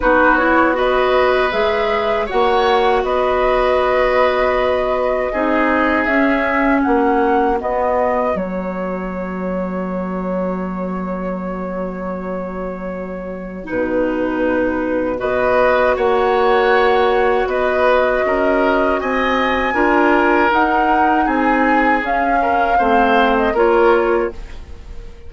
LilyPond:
<<
  \new Staff \with { instrumentName = "flute" } { \time 4/4 \tempo 4 = 79 b'8 cis''8 dis''4 e''4 fis''4 | dis''1 | e''4 fis''4 dis''4 cis''4~ | cis''1~ |
cis''2 b'2 | dis''4 fis''2 dis''4~ | dis''4 gis''2 fis''4 | gis''4 f''4.~ f''16 dis''16 cis''4 | }
  \new Staff \with { instrumentName = "oboe" } { \time 4/4 fis'4 b'2 cis''4 | b'2. gis'4~ | gis'4 fis'2.~ | fis'1~ |
fis'1 | b'4 cis''2 b'4 | ais'4 dis''4 ais'2 | gis'4. ais'8 c''4 ais'4 | }
  \new Staff \with { instrumentName = "clarinet" } { \time 4/4 dis'8 e'8 fis'4 gis'4 fis'4~ | fis'2. dis'4 | cis'2 b4 ais4~ | ais1~ |
ais2 dis'2 | fis'1~ | fis'2 f'4 dis'4~ | dis'4 cis'4 c'4 f'4 | }
  \new Staff \with { instrumentName = "bassoon" } { \time 4/4 b2 gis4 ais4 | b2. c'4 | cis'4 ais4 b4 fis4~ | fis1~ |
fis2 b,2 | b4 ais2 b4 | cis'4 c'4 d'4 dis'4 | c'4 cis'4 a4 ais4 | }
>>